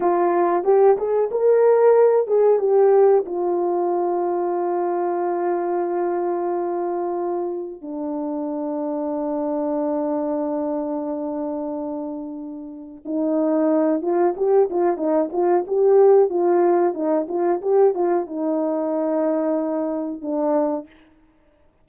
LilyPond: \new Staff \with { instrumentName = "horn" } { \time 4/4 \tempo 4 = 92 f'4 g'8 gis'8 ais'4. gis'8 | g'4 f'2.~ | f'1 | d'1~ |
d'1 | dis'4. f'8 g'8 f'8 dis'8 f'8 | g'4 f'4 dis'8 f'8 g'8 f'8 | dis'2. d'4 | }